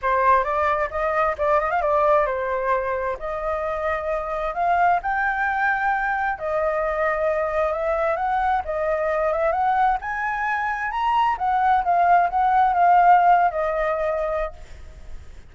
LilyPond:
\new Staff \with { instrumentName = "flute" } { \time 4/4 \tempo 4 = 132 c''4 d''4 dis''4 d''8 dis''16 f''16 | d''4 c''2 dis''4~ | dis''2 f''4 g''4~ | g''2 dis''2~ |
dis''4 e''4 fis''4 dis''4~ | dis''8 e''8 fis''4 gis''2 | ais''4 fis''4 f''4 fis''4 | f''4.~ f''16 dis''2~ dis''16 | }